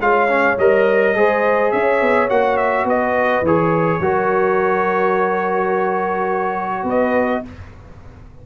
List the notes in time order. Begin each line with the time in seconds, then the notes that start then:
0.00 G#3 F4 C#5 F5
0.28 C#4
0.58 G3 A#4 D#5
1.15 G#3 G#4 C5
1.71 C#4 C#5 E5
2.01 B3
2.29 A#3 F#4 F#5
2.57 E5
2.84 B3 B4 D#5
3.42 E3 G#4 C#5
4.00 F#3 F#4 A#4
6.83 B3 B4 D#5